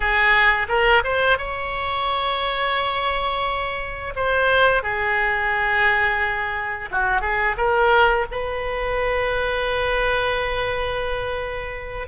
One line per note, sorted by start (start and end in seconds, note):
0.00 0.67 G#4
0.68 1.03 A#4
1.04 1.38 C5
1.38 4.13 C#5
4.15 4.82 C5
4.82 6.89 G#4
6.91 7.21 F#4
7.21 7.55 G#4
7.57 8.26 A#4
8.31 12.07 B4